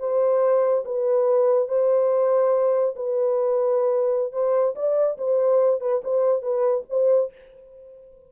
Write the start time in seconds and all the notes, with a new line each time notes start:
0.00 C5
0.86 B4
1.69 C5
2.96 B4
4.33 C5
4.76 D5
5.18 C5
5.81 B4
6.04 C5
6.43 B4
6.90 C5